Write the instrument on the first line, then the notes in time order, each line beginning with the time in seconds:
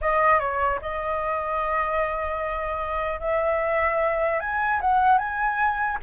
flute
0.01 D#5
0.39 C#5
0.81 D#5
3.19 E5
4.39 G#5
4.80 F#5
5.17 G#5